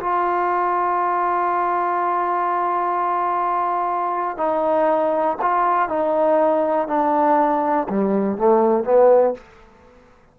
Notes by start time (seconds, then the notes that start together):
0.00 F4
4.38 D#4
5.42 F4
5.89 D#4
6.88 D4
7.90 G3
8.38 A3
8.84 B3